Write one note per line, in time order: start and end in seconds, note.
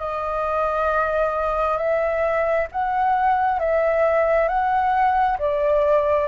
0.00 1.78 D#5
1.78 2.67 E5
2.72 3.60 F#5
3.60 4.49 E5
4.49 5.38 F#5
5.39 6.28 D5